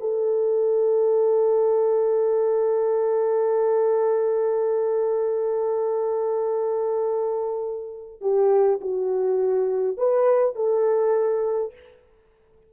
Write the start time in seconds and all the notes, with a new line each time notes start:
0.00 A4
8.21 G4
8.81 F#4
9.97 B4
10.55 A4